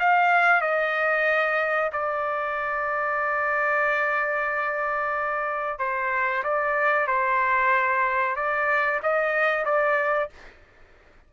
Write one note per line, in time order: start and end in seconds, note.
0.00 0.62 F5
0.62 1.91 D#5
1.93 5.79 D5
5.79 6.44 C5
6.44 7.08 D5
7.08 8.36 C5
8.36 9.01 D5
9.03 9.66 D#5
9.66 10.30 D5